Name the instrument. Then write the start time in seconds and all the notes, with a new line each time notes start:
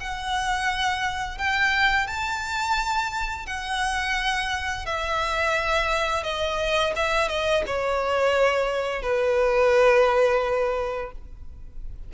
violin
0.00 F#5
1.37 G5
2.07 A5
3.46 F#5
4.86 E5
6.23 D#5
6.95 E5
7.28 D#5
7.66 C#5
9.02 B4